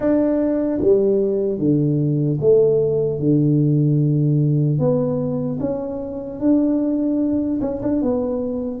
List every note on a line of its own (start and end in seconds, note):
0.00 0.80 D4
0.81 1.58 G3
1.58 2.38 D3
2.40 3.19 A3
3.19 4.79 D3
4.79 5.59 B3
5.60 6.40 C#4
6.40 7.60 D4
7.61 7.81 C#4
7.82 8.01 D4
8.01 8.80 B3